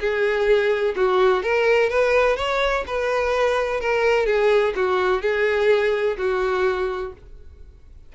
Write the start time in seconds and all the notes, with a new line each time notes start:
0.00 G#4
0.97 F#4
1.43 A#4
1.90 B4
2.37 C#5
2.87 B4
3.81 A#4
4.26 G#4
4.76 F#4
5.22 G#4
6.18 F#4